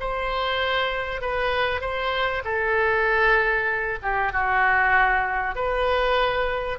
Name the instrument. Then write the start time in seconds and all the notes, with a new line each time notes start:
oboe
0.00 C5
1.21 B4
1.81 C5
2.44 A4
4.03 G4
4.32 F#4
5.55 B4